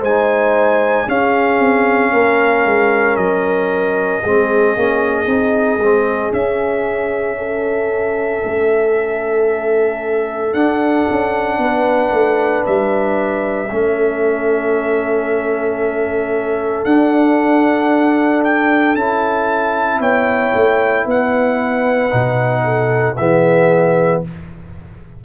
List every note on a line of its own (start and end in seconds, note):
0.00 1.06 G#3
0.00 1.07 D#4
0.00 1.05 C5
0.00 1.09 G#5
1.07 1.59 C#4
1.07 4.23 C#4
1.07 2.12 G#4
1.07 3.16 F5
1.59 2.12 C4
2.12 2.65 A#3
2.12 4.21 A#4
2.65 3.17 G#3
3.16 4.22 F#3
3.16 6.32 D#5
4.21 4.76 G#3
4.21 4.77 C4
4.21 7.37 G#4
4.76 5.27 A#3
4.76 5.26 C#4
5.26 5.78 C4
5.26 5.79 D#4
5.78 6.30 G#3
5.78 6.32 C4
6.32 8.43 C#4
6.32 10.53 C#4
6.32 10.54 E5
7.38 11.59 A4
8.45 10.54 A3
10.53 13.69 D4
10.53 11.07 D4
10.53 12.64 F#5
11.10 11.58 C#4
11.58 12.11 B3
11.58 13.71 B4
12.11 12.64 A3
12.66 13.71 G3
12.66 16.85 E5
13.71 16.85 A3
13.71 16.87 C#4
13.71 19.99 A4
16.85 18.95 D4
16.85 18.97 D4
16.85 18.43 F#5
18.44 18.96 G5
18.95 20.00 C#4
18.95 22.10 E4
18.95 20.01 A5
19.99 20.52 B3
19.99 21.05 C#5
19.99 21.07 G5
20.54 21.06 A3
21.05 22.11 B3
21.05 22.63 B4
21.05 23.16 F#5
22.10 23.19 B2
22.10 23.15 D#4
22.64 23.16 A4
23.16 24.24 E3
23.16 24.25 B3
23.16 24.23 G#4
23.16 24.21 E5